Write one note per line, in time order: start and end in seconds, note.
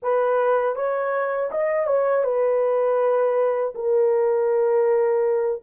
0.02 0.75 B4
0.75 1.50 C#5
1.51 1.86 D#5
1.86 2.24 C#5
2.24 3.74 B4
3.74 5.62 A#4